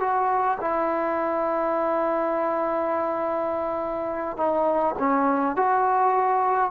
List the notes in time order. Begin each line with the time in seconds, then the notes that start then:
0.00 F#4
0.61 E4
4.37 D#4
4.99 C#4
5.56 F#4